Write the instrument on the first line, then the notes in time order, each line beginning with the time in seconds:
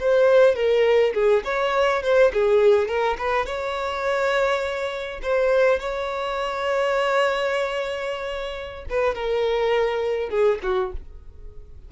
violin
0.00 C5
0.55 A#4
1.14 G#4
1.44 C#5
2.03 C5
2.33 G#4
2.88 A#4
3.18 B4
3.46 C#5
5.22 C5
5.79 C#5
8.89 B4
9.15 A#4
10.29 G#4
10.63 F#4